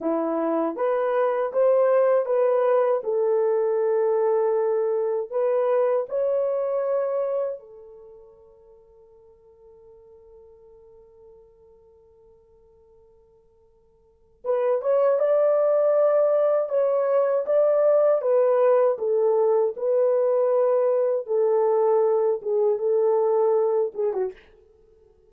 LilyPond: \new Staff \with { instrumentName = "horn" } { \time 4/4 \tempo 4 = 79 e'4 b'4 c''4 b'4 | a'2. b'4 | cis''2 a'2~ | a'1~ |
a'2. b'8 cis''8 | d''2 cis''4 d''4 | b'4 a'4 b'2 | a'4. gis'8 a'4. gis'16 fis'16 | }